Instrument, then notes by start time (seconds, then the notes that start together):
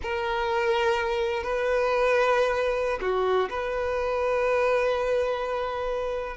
violin
0.02 A#4
1.43 B4
3.01 F#4
3.49 B4